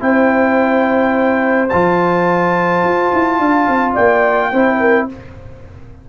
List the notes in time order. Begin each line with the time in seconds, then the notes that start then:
0.00 C4 E4 C5 G5
1.69 F3 F4 A5
2.84 F4
3.13 E4
3.40 D4 F5
3.68 C4
3.94 A#3 D5 G5
4.51 C4 E4 C5
4.80 A#4